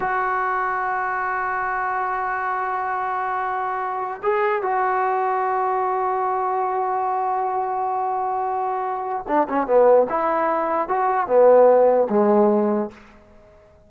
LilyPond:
\new Staff \with { instrumentName = "trombone" } { \time 4/4 \tempo 4 = 149 fis'1~ | fis'1~ | fis'2~ fis'8 gis'4 fis'8~ | fis'1~ |
fis'1~ | fis'2. d'8 cis'8 | b4 e'2 fis'4 | b2 gis2 | }